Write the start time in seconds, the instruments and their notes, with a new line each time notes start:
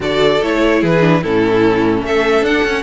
0.00 cello D3, viola F#4, violin A4 D5
0.42 cello A3, viola E4, violin C#5
0.80 cello E3, violin G#4 B4
1.00 viola D4
1.22 cello A2, viola C#4, violin E4 A4
2.02 cello A3, violin A4 E5
2.41 cello D4, violin F#5
2.50 viola D4
2.63 cello C#4, viola C#4